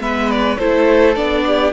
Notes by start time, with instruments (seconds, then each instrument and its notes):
0.00 cello G#3, viola B3, violin B4 E5
0.31 violin D5
0.58 cello A3, viola E4, violin A4 C5
1.16 cello B3, viola D4, violin D5
1.46 violin G4